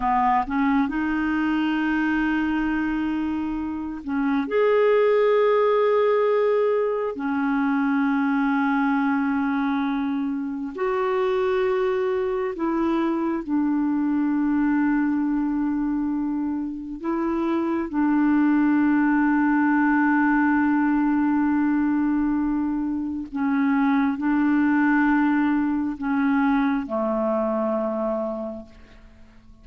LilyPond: \new Staff \with { instrumentName = "clarinet" } { \time 4/4 \tempo 4 = 67 b8 cis'8 dis'2.~ | dis'8 cis'8 gis'2. | cis'1 | fis'2 e'4 d'4~ |
d'2. e'4 | d'1~ | d'2 cis'4 d'4~ | d'4 cis'4 a2 | }